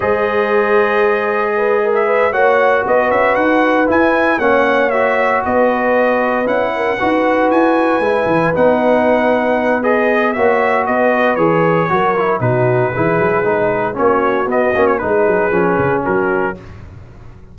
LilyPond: <<
  \new Staff \with { instrumentName = "trumpet" } { \time 4/4 \tempo 4 = 116 dis''2.~ dis''8. e''16~ | e''8 fis''4 dis''8 e''8 fis''4 gis''8~ | gis''8 fis''4 e''4 dis''4.~ | dis''8 fis''2 gis''4.~ |
gis''8 fis''2~ fis''8 dis''4 | e''4 dis''4 cis''2 | b'2. cis''4 | dis''8. cis''16 b'2 ais'4 | }
  \new Staff \with { instrumentName = "horn" } { \time 4/4 c''2. b'8 ais'8 | b'8 cis''4 b'2~ b'8~ | b'8 cis''2 b'4.~ | b'4 ais'8 b'2~ b'8~ |
b'1 | cis''4 b'2 ais'4 | fis'4 gis'2 fis'4~ | fis'4 gis'2 fis'4 | }
  \new Staff \with { instrumentName = "trombone" } { \time 4/4 gis'1~ | gis'8 fis'2. e'8~ | e'8 cis'4 fis'2~ fis'8~ | fis'8 e'4 fis'2 e'8~ |
e'8 dis'2~ dis'8 gis'4 | fis'2 gis'4 fis'8 e'8 | dis'4 e'4 dis'4 cis'4 | b8 cis'8 dis'4 cis'2 | }
  \new Staff \with { instrumentName = "tuba" } { \time 4/4 gis1~ | gis8 ais4 b8 cis'8 dis'4 e'8~ | e'8 ais2 b4.~ | b8 cis'4 dis'4 e'4 gis8 |
e8 b2.~ b8 | ais4 b4 e4 fis4 | b,4 e8 fis8 gis4 ais4 | b8 ais8 gis8 fis8 f8 cis8 fis4 | }
>>